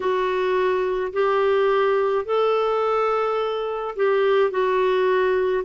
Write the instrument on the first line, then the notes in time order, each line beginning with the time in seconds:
clarinet
0.00 F#4
1.13 G4
2.25 A4
3.96 G4
4.50 F#4